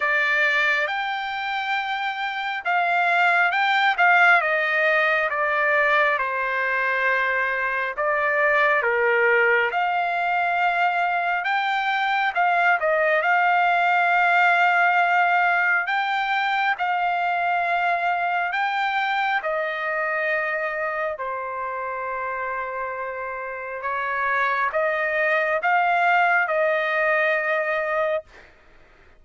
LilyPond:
\new Staff \with { instrumentName = "trumpet" } { \time 4/4 \tempo 4 = 68 d''4 g''2 f''4 | g''8 f''8 dis''4 d''4 c''4~ | c''4 d''4 ais'4 f''4~ | f''4 g''4 f''8 dis''8 f''4~ |
f''2 g''4 f''4~ | f''4 g''4 dis''2 | c''2. cis''4 | dis''4 f''4 dis''2 | }